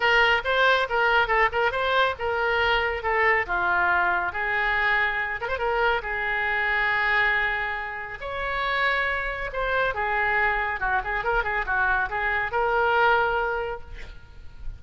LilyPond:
\new Staff \with { instrumentName = "oboe" } { \time 4/4 \tempo 4 = 139 ais'4 c''4 ais'4 a'8 ais'8 | c''4 ais'2 a'4 | f'2 gis'2~ | gis'8 ais'16 c''16 ais'4 gis'2~ |
gis'2. cis''4~ | cis''2 c''4 gis'4~ | gis'4 fis'8 gis'8 ais'8 gis'8 fis'4 | gis'4 ais'2. | }